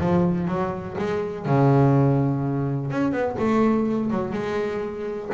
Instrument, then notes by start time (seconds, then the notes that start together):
double bass
0.00 F3
0.48 F#3
0.99 G#3
1.46 C#3
2.91 C#4
3.13 B3
3.39 A3
4.11 F#3
4.33 G#3